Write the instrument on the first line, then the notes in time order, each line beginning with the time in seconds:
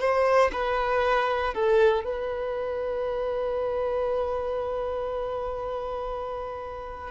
violin
0.00 C5
0.52 B4
1.54 A4
2.04 B4